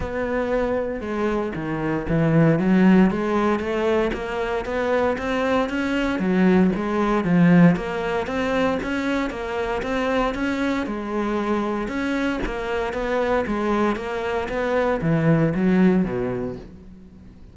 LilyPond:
\new Staff \with { instrumentName = "cello" } { \time 4/4 \tempo 4 = 116 b2 gis4 dis4 | e4 fis4 gis4 a4 | ais4 b4 c'4 cis'4 | fis4 gis4 f4 ais4 |
c'4 cis'4 ais4 c'4 | cis'4 gis2 cis'4 | ais4 b4 gis4 ais4 | b4 e4 fis4 b,4 | }